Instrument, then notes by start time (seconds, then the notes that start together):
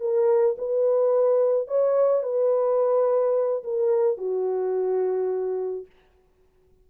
horn
0.00 A#4
0.58 B4
1.68 C#5
2.23 B4
3.64 A#4
4.18 F#4